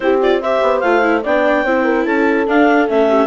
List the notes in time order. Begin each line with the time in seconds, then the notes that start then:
0.00 C4 E4 G4 C5
0.21 F4 D5
0.41 G4 C5 E5
0.61 B3
0.80 A3 F4 F5
1.02 E4
1.23 B3 D4 D5 G5
1.64 C4 E4 C5
1.84 A#4
2.05 C#4 A4 A5
2.46 D4 F5
2.87 A3 C#4 E5
3.08 G4